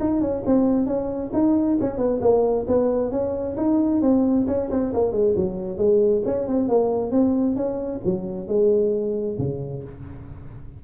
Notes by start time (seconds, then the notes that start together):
0.00 D#4
0.21 C#4
0.46 C4
0.86 C#4
1.33 D#4
1.81 C#4
1.98 B3
2.21 A#3
2.68 B3
3.11 C#4
3.57 D#4
4.02 C4
4.47 C#4
4.70 C4
4.94 A#3
5.12 G#3
5.36 F#3
5.78 G#3
6.25 C#4
6.47 C4
6.69 A#3
7.11 C4
7.56 C#4
8.05 F#3
8.47 G#3
9.38 C#3